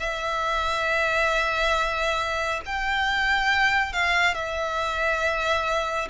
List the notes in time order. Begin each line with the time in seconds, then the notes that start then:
0.00 E5
2.66 G5
3.93 F5
4.35 E5